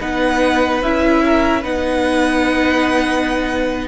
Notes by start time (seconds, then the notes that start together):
0.00 B3 D#4 B4 F#5
0.82 C#4 E4 E5
1.26 A#4
1.61 B3 D#4 B4 F#5